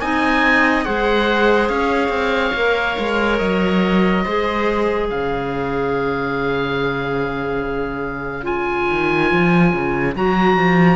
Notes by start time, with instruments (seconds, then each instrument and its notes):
0.00 cello C4, clarinet D#4, viola D#5, oboe G#5
0.84 cello G#3, clarinet G#4, viola C5, oboe F#5
1.68 cello C#4, viola C#5, oboe F5
2.08 cello C4
2.54 cello A#3, clarinet A#4
2.99 cello G#3
3.38 cello F#3, oboe D#5
4.24 cello G#3, clarinet G#4, viola C5
5.06 cello C#3, viola C#5, oboe F5
8.43 clarinet F4, oboe G#5
8.89 cello D#3
9.32 cello F3
9.73 cello C#3
10.15 cello F#3, clarinet F#4, oboe A#5
10.57 cello F3